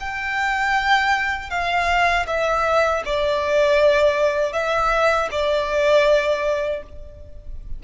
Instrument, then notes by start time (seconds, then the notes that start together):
violin
0.00 G5
1.50 F5
2.27 E5
3.05 D5
4.53 E5
5.31 D5